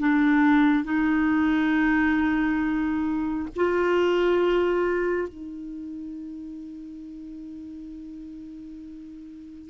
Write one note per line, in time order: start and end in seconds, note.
0.00 0.84 D4
0.84 3.49 D#4
3.56 5.29 F4
5.29 9.70 D#4